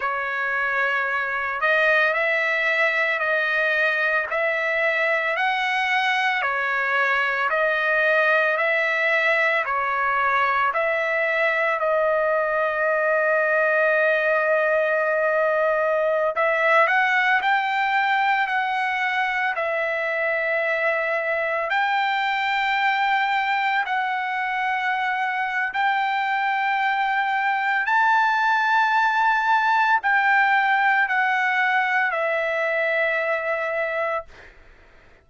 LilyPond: \new Staff \with { instrumentName = "trumpet" } { \time 4/4 \tempo 4 = 56 cis''4. dis''8 e''4 dis''4 | e''4 fis''4 cis''4 dis''4 | e''4 cis''4 e''4 dis''4~ | dis''2.~ dis''16 e''8 fis''16~ |
fis''16 g''4 fis''4 e''4.~ e''16~ | e''16 g''2 fis''4.~ fis''16 | g''2 a''2 | g''4 fis''4 e''2 | }